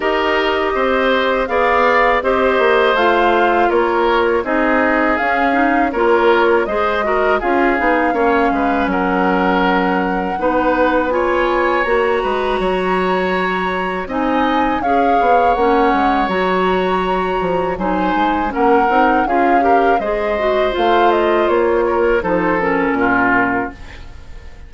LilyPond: <<
  \new Staff \with { instrumentName = "flute" } { \time 4/4 \tempo 4 = 81 dis''2 f''4 dis''4 | f''4 cis''4 dis''4 f''4 | cis''4 dis''4 f''2 | fis''2. gis''4 |
ais''2. gis''4 | f''4 fis''4 ais''2 | gis''4 fis''4 f''4 dis''4 | f''8 dis''8 cis''4 c''8 ais'4. | }
  \new Staff \with { instrumentName = "oboe" } { \time 4/4 ais'4 c''4 d''4 c''4~ | c''4 ais'4 gis'2 | ais'4 c''8 ais'8 gis'4 cis''8 b'8 | ais'2 b'4 cis''4~ |
cis''8 b'8 cis''2 dis''4 | cis''1 | c''4 ais'4 gis'8 ais'8 c''4~ | c''4. ais'8 a'4 f'4 | }
  \new Staff \with { instrumentName = "clarinet" } { \time 4/4 g'2 gis'4 g'4 | f'2 dis'4 cis'8 dis'8 | f'4 gis'8 fis'8 f'8 dis'8 cis'4~ | cis'2 dis'4 f'4 |
fis'2. dis'4 | gis'4 cis'4 fis'2 | dis'4 cis'8 dis'8 f'8 g'8 gis'8 fis'8 | f'2 dis'8 cis'4. | }
  \new Staff \with { instrumentName = "bassoon" } { \time 4/4 dis'4 c'4 b4 c'8 ais8 | a4 ais4 c'4 cis'4 | ais4 gis4 cis'8 b8 ais8 gis8 | fis2 b2 |
ais8 gis8 fis2 c'4 | cis'8 b8 ais8 gis8 fis4. f8 | fis8 gis8 ais8 c'8 cis'4 gis4 | a4 ais4 f4 ais,4 | }
>>